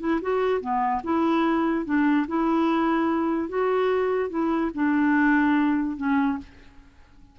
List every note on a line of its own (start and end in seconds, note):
0.00 0.21 E4
0.22 0.61 F#4
0.61 1.02 B3
1.04 1.85 E4
1.85 2.26 D4
2.28 3.49 E4
3.49 4.30 F#4
4.30 4.71 E4
4.74 5.97 D4
5.97 6.38 C#4